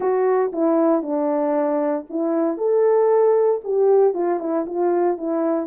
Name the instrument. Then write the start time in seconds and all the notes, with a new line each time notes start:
horn
0.00 F#4
0.52 E4
1.02 D4
2.09 E4
2.57 A4
3.63 G4
4.14 F4
4.39 E4
4.66 F4
5.17 E4